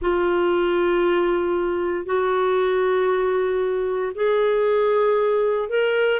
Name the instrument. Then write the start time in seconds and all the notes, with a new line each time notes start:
clarinet
0.01 F4
2.05 F#4
4.14 G#4
5.69 A#4